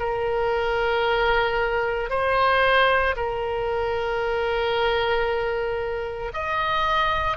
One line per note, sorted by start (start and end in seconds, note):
0.00 2.10 A#4
2.10 3.15 C5
3.17 6.33 A#4
6.34 7.37 D#5